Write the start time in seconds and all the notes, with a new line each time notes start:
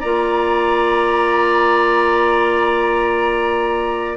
0.00 A#3 F4 D5 A#5